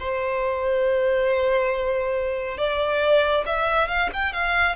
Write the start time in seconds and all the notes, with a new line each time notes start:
0.00 C5
2.58 D5
3.46 E5
3.88 F5
4.13 G5
4.33 F5